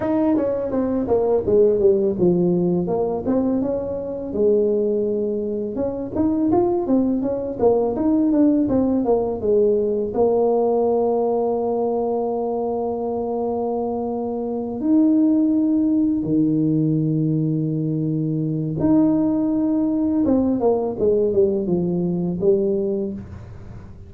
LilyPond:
\new Staff \with { instrumentName = "tuba" } { \time 4/4 \tempo 4 = 83 dis'8 cis'8 c'8 ais8 gis8 g8 f4 | ais8 c'8 cis'4 gis2 | cis'8 dis'8 f'8 c'8 cis'8 ais8 dis'8 d'8 | c'8 ais8 gis4 ais2~ |
ais1~ | ais8 dis'2 dis4.~ | dis2 dis'2 | c'8 ais8 gis8 g8 f4 g4 | }